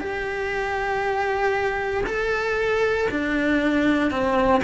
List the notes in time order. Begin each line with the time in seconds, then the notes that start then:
0.00 G4
2.06 A4
3.11 D4
4.10 C4